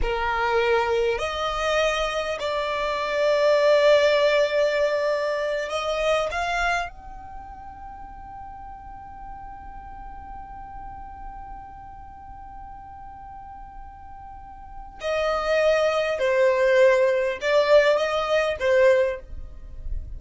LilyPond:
\new Staff \with { instrumentName = "violin" } { \time 4/4 \tempo 4 = 100 ais'2 dis''2 | d''1~ | d''4. dis''4 f''4 g''8~ | g''1~ |
g''1~ | g''1~ | g''4 dis''2 c''4~ | c''4 d''4 dis''4 c''4 | }